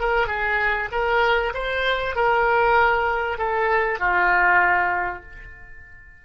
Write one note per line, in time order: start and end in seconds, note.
0.00 0.27 A#4
0.27 0.89 G#4
0.91 1.53 A#4
1.54 2.15 C5
2.15 3.38 A#4
3.38 3.99 A4
3.99 5.22 F4